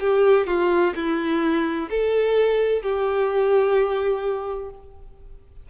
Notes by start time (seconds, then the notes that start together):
0.00 G4
0.47 F4
0.95 E4
1.90 A4
2.82 G4